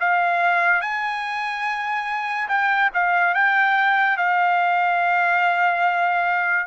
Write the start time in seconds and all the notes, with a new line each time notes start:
0.00 F5
0.81 G#5
2.48 G5
2.94 F5
3.34 G5
4.17 F5